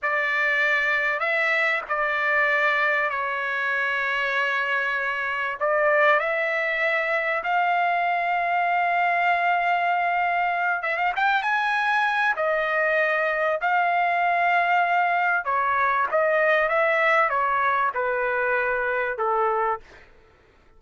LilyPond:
\new Staff \with { instrumentName = "trumpet" } { \time 4/4 \tempo 4 = 97 d''2 e''4 d''4~ | d''4 cis''2.~ | cis''4 d''4 e''2 | f''1~ |
f''4. e''16 f''16 g''8 gis''4. | dis''2 f''2~ | f''4 cis''4 dis''4 e''4 | cis''4 b'2 a'4 | }